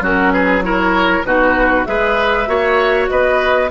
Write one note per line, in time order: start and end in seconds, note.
0.00 1.22 F#3
0.00 0.62 C#4
0.00 0.33 F#4
0.00 0.32 A#4
0.32 0.63 G#4
0.32 0.62 B4
0.62 1.23 E4
0.62 1.26 A#4
0.62 1.24 C#5
1.24 1.85 B2
1.24 1.85 D#4
1.24 1.87 F#4
1.24 1.85 B4
1.85 2.47 G#3
1.85 2.46 G#4
1.85 2.49 B4
1.85 3.07 E5
2.46 3.08 A#3
2.46 3.68 F#4
2.46 3.10 C#5
3.09 3.70 B3
3.09 3.70 B4
3.09 3.70 D#5